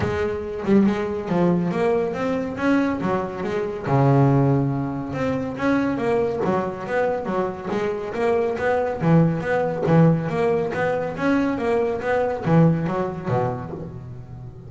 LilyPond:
\new Staff \with { instrumentName = "double bass" } { \time 4/4 \tempo 4 = 140 gis4. g8 gis4 f4 | ais4 c'4 cis'4 fis4 | gis4 cis2. | c'4 cis'4 ais4 fis4 |
b4 fis4 gis4 ais4 | b4 e4 b4 e4 | ais4 b4 cis'4 ais4 | b4 e4 fis4 b,4 | }